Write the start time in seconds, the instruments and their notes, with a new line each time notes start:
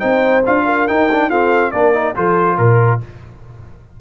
0.00 tuba C4, trombone D#4, horn C5, trumpet G5
0.46 tuba D4, trombone F4, trumpet F5
0.66 horn A#4
0.88 trombone D#4, tuba D#4, trumpet G5
1.12 trombone D4
1.30 trombone C4, tuba F4, horn A4, trumpet F5
1.72 tuba A#3, trombone D4, horn A#4, trumpet D5
1.94 trombone D#4
2.16 tuba F3, trombone F4, horn A4, trumpet C5
2.58 tuba A#2, trumpet A#4, horn A#4